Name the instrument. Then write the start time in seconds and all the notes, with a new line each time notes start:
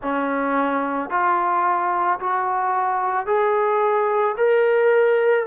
trombone
0.02 C#4
1.10 F4
2.19 F#4
3.26 G#4
4.37 A#4